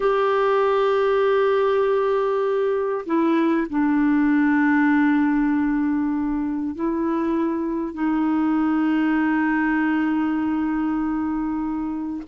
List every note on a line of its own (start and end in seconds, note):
0.00 3.05 G4
3.06 3.67 E4
3.69 6.75 D4
6.75 7.94 E4
7.94 12.22 D#4